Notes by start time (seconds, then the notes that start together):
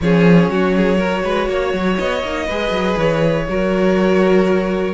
0.01 F3 C#4 G#4 C#5
0.48 F#3 F#4
0.76 G#4
0.97 F#4 A#4
1.23 G#3 B4
1.48 A#3 C#5
1.73 F#3
1.98 B3 D#5
2.23 A#3 D#4
2.46 G#3 G#4 B4
2.70 F#3
2.97 E3 C#5
3.48 F#3 F#4 A#4